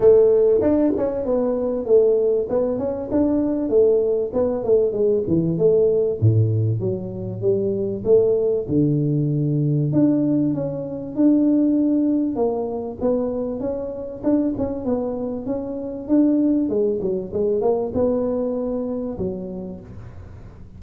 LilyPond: \new Staff \with { instrumentName = "tuba" } { \time 4/4 \tempo 4 = 97 a4 d'8 cis'8 b4 a4 | b8 cis'8 d'4 a4 b8 a8 | gis8 e8 a4 a,4 fis4 | g4 a4 d2 |
d'4 cis'4 d'2 | ais4 b4 cis'4 d'8 cis'8 | b4 cis'4 d'4 gis8 fis8 | gis8 ais8 b2 fis4 | }